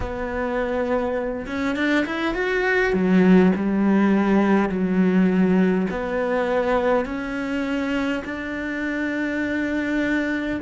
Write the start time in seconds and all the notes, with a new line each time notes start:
0.00 B3
1.46 C#4
1.75 D4
2.05 E4
2.34 F#4
2.93 F#3
3.55 G3
4.69 F#3
5.90 B3
7.05 C#4
8.25 D4